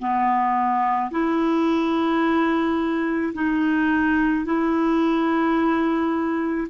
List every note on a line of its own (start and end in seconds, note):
0.00 1.11 B3
1.12 3.34 E4
3.34 4.45 D#4
4.45 6.68 E4